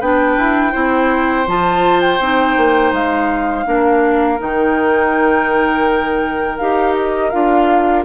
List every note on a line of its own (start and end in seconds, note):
0.00 0.37 B3
0.00 0.73 D4
0.00 0.72 B4
0.00 1.48 G5
0.38 0.74 E4
0.72 1.47 C4
0.72 1.46 E4
0.72 3.65 C5
1.47 2.20 F3
1.47 2.20 F4
1.47 2.01 A5
2.01 2.93 G5
2.20 2.56 C4
2.20 3.66 D#4
2.57 2.93 A#3
2.93 3.66 G#3
2.93 4.41 F5
3.66 4.40 A#3
3.66 4.39 D4
3.66 8.06 A#4
4.39 6.60 D#3
4.39 6.58 D#4
4.39 6.58 G5
6.58 7.33 D#4
6.58 7.32 G4
6.58 6.95 F5
6.95 7.30 D#5
7.30 8.06 D4
7.30 8.05 F4
7.30 8.03 F5